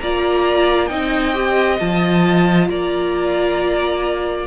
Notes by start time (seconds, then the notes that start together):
0.00 A#3 F4 D5 A#5
0.87 C4 D#4 D#5 G5
1.34 G4
1.79 F3 F4 A5
2.69 A#3 D5 A#5